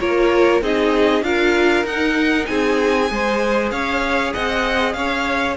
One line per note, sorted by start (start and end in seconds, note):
0.00 0.62 A#3
0.00 0.62 F4
0.00 0.63 A#4
0.00 0.62 C#5
0.62 1.22 C4
0.62 1.24 D#4
0.62 1.25 G#4
0.62 1.24 D#5
1.22 1.84 D4
1.22 1.86 F4
1.22 2.49 A#4
1.22 1.86 F5
1.85 2.47 D#4
1.85 3.08 D#4
1.85 2.46 F#5
2.46 3.11 C4
2.46 3.12 G#4
2.46 3.70 G#5
3.08 3.72 G#3
3.08 5.56 G#4
3.08 3.72 C5
3.71 4.34 C#4
3.71 4.34 C#5
3.71 4.33 F5
4.34 4.95 C4
4.34 4.96 D#5
4.34 4.93 F#5
4.93 5.57 C#4
4.93 5.57 C#5
4.93 5.55 F5